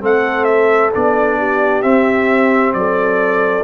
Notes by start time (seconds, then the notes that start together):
0.00 A3 C4 A4 F#5
0.44 E5
0.94 B3 D4 D5
1.38 G4
1.82 C4 E5
2.73 F#3 A4 D5